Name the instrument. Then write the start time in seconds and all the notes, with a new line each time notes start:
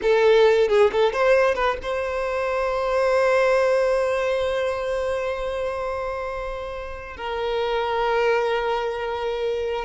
violin
0.02 A4
0.68 G#4
0.91 A4
1.13 C5
1.54 B4
1.82 C5
7.16 A#4